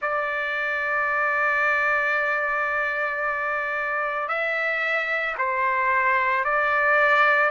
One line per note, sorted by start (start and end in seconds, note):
0.01 4.28 D5
4.28 5.35 E5
5.38 6.44 C5
6.44 7.50 D5